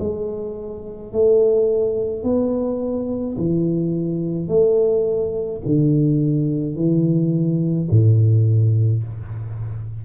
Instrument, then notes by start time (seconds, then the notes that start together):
tuba
0.00 G#3
1.12 A3
2.23 B3
3.38 E3
4.48 A3
5.66 D3
6.76 E3
7.90 A2